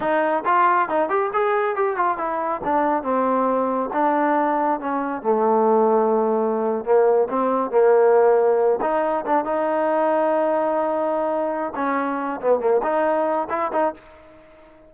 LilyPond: \new Staff \with { instrumentName = "trombone" } { \time 4/4 \tempo 4 = 138 dis'4 f'4 dis'8 g'8 gis'4 | g'8 f'8 e'4 d'4 c'4~ | c'4 d'2 cis'4 | a2.~ a8. ais16~ |
ais8. c'4 ais2~ ais16~ | ais16 dis'4 d'8 dis'2~ dis'16~ | dis'2. cis'4~ | cis'8 b8 ais8 dis'4. e'8 dis'8 | }